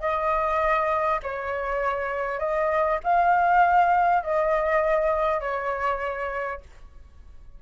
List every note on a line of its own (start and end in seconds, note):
0.00 1.20 D#5
1.23 2.39 C#5
2.39 2.99 D#5
3.03 4.23 F5
4.23 5.40 D#5
5.40 6.60 C#5